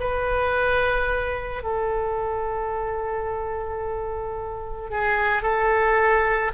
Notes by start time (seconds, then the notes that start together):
0.00 B4
1.64 A4
4.90 G#4
5.43 A4